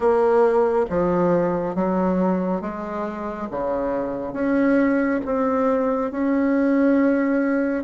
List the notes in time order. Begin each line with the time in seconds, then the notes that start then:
0.00 A#3
0.89 F3
1.75 F#3
2.61 G#3
3.51 C#3
4.33 C#4
5.25 C4
6.11 C#4